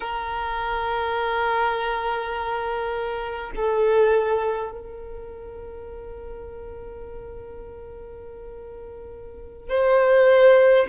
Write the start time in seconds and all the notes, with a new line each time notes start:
0.00 A#4
3.55 A4
4.71 A#4
9.68 C5